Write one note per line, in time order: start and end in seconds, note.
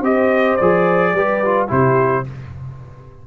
0.00 0.56 C4
0.00 0.59 G4
0.00 1.11 C5
0.00 0.56 D#5
0.56 1.13 F3
0.56 1.16 G#4
0.56 1.67 D5
1.13 1.69 G3
1.13 1.44 G4
1.13 1.69 B4
1.44 1.68 F4
1.68 2.26 C3
1.68 2.23 E4
1.68 2.24 G4
1.68 2.26 C5